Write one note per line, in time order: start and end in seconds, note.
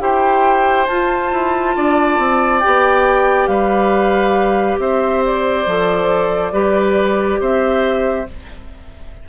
0.00 0.87 E4
0.00 0.87 G4
0.00 1.76 C5
0.00 0.87 G5
0.87 1.32 F4
0.87 2.63 F4
0.87 2.60 A5
1.32 1.76 E4
1.76 2.19 D4
1.76 3.50 D5
2.19 2.62 C4
2.60 3.48 B3
2.60 5.67 G4
2.60 3.47 G5
3.47 4.78 G3
3.47 4.80 B4
3.47 4.78 F5
4.79 5.66 C4
4.79 6.53 C5
4.79 5.24 E5
5.25 7.42 D5
5.67 6.53 F3
5.67 6.53 A4
6.53 7.40 G3
6.53 8.27 G4
6.53 7.40 B4
7.41 8.28 C4
7.41 8.28 C5
7.41 8.29 E5